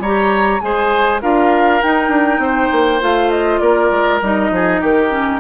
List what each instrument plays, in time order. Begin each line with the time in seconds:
0.00 bassoon G3, clarinet G4, oboe C#5, flute A#5
0.61 bassoon G#3, clarinet G#4, oboe C5, flute G#5
1.22 bassoon D4, clarinet F4, oboe A#4, flute F5
1.82 clarinet D#4, bassoon D#4, flute G5
2.09 bassoon D4
2.39 bassoon C4, oboe C5
2.72 bassoon A#3
3.01 bassoon A3, clarinet F4, flute F5
3.31 flute D#5
3.60 bassoon A#3, oboe A#4, flute D5
3.91 bassoon G#3
4.22 bassoon G3, clarinet D#4, flute D#5
4.51 bassoon F3, oboe G#4
4.81 bassoon D#3, oboe G4, flute A#4
5.10 clarinet C#4